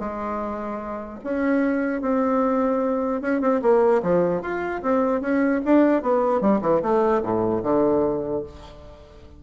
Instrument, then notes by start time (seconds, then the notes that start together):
bassoon
0.00 G#3
1.24 C#4
2.02 C4
3.22 C#4
3.41 C4
3.62 A#3
4.03 F3
4.42 F4
4.83 C4
5.21 C#4
5.65 D4
6.03 B3
6.41 G3
6.62 E3
6.83 A3
7.23 A2
7.63 D3